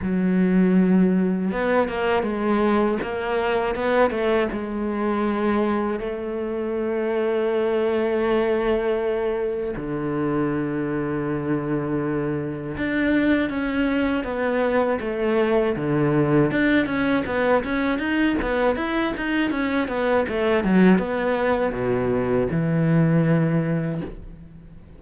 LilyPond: \new Staff \with { instrumentName = "cello" } { \time 4/4 \tempo 4 = 80 fis2 b8 ais8 gis4 | ais4 b8 a8 gis2 | a1~ | a4 d2.~ |
d4 d'4 cis'4 b4 | a4 d4 d'8 cis'8 b8 cis'8 | dis'8 b8 e'8 dis'8 cis'8 b8 a8 fis8 | b4 b,4 e2 | }